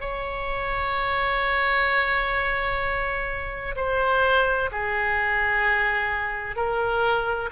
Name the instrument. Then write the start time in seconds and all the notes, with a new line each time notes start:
oboe
0.00 C#5
3.76 C5
4.71 G#4
6.55 A#4